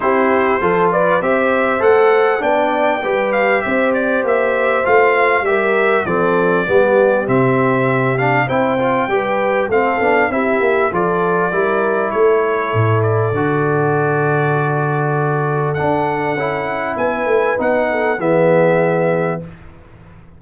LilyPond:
<<
  \new Staff \with { instrumentName = "trumpet" } { \time 4/4 \tempo 4 = 99 c''4. d''8 e''4 fis''4 | g''4. f''8 e''8 d''8 e''4 | f''4 e''4 d''2 | e''4. f''8 g''2 |
f''4 e''4 d''2 | cis''4. d''2~ d''8~ | d''2 fis''2 | gis''4 fis''4 e''2 | }
  \new Staff \with { instrumentName = "horn" } { \time 4/4 g'4 a'8 b'8 c''2 | d''4 b'4 c''2~ | c''4 ais'4 a'4 g'4~ | g'2 c''4 b'4 |
a'4 g'4 a'4 ais'4 | a'1~ | a'1 | b'4. a'8 gis'2 | }
  \new Staff \with { instrumentName = "trombone" } { \time 4/4 e'4 f'4 g'4 a'4 | d'4 g'2. | f'4 g'4 c'4 b4 | c'4. d'8 e'8 f'8 g'4 |
c'8 d'8 e'4 f'4 e'4~ | e'2 fis'2~ | fis'2 d'4 e'4~ | e'4 dis'4 b2 | }
  \new Staff \with { instrumentName = "tuba" } { \time 4/4 c'4 f4 c'4 a4 | b4 g4 c'4 ais4 | a4 g4 f4 g4 | c2 c'4 g4 |
a8 b8 c'8 ais8 f4 g4 | a4 a,4 d2~ | d2 d'4 cis'4 | b8 a8 b4 e2 | }
>>